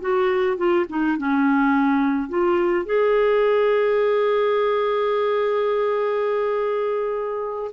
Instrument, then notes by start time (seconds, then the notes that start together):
clarinet
0.00 F#4
0.57 F4
0.89 D#4
1.17 C#4
2.28 F4
2.85 G#4